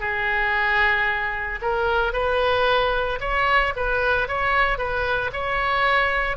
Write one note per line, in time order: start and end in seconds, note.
0.00 1.59 G#4
1.61 2.13 A#4
2.13 3.19 B4
3.21 3.74 C#5
3.76 4.28 B4
4.28 4.78 C#5
4.78 5.31 B4
5.33 6.37 C#5